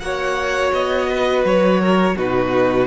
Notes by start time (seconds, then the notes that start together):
0.00 A#3 F#4 C#5 F#5
0.73 B3 D#5
1.10 B4
1.44 F#3 C#5
1.81 A#4
2.17 B2 D#4 F#4 B4